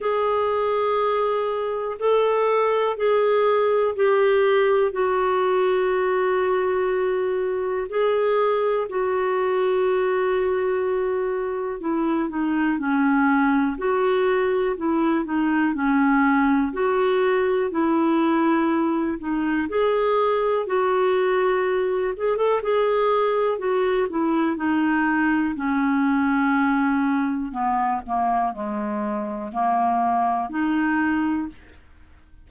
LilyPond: \new Staff \with { instrumentName = "clarinet" } { \time 4/4 \tempo 4 = 61 gis'2 a'4 gis'4 | g'4 fis'2. | gis'4 fis'2. | e'8 dis'8 cis'4 fis'4 e'8 dis'8 |
cis'4 fis'4 e'4. dis'8 | gis'4 fis'4. gis'16 a'16 gis'4 | fis'8 e'8 dis'4 cis'2 | b8 ais8 gis4 ais4 dis'4 | }